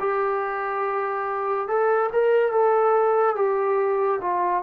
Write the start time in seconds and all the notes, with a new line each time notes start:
0.00 G4
1.68 A4
2.13 A#4
2.53 A4
3.36 G4
4.21 F4